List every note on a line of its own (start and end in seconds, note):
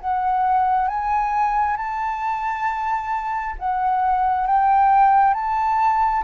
0.00 0.88 F#5
0.88 1.76 G#5
1.76 3.55 A5
3.58 4.47 F#5
4.47 5.34 G5
5.34 6.23 A5